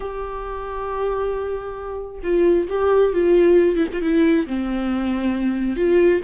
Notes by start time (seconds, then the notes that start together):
0.00 G4
2.23 F4
2.69 G4
3.13 F4
3.76 E4
3.93 F4
4.01 E4
4.47 C4
5.76 F4